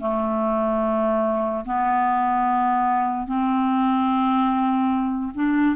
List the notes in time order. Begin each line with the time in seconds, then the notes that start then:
0.00 A3
1.66 B3
3.27 C4
5.35 D4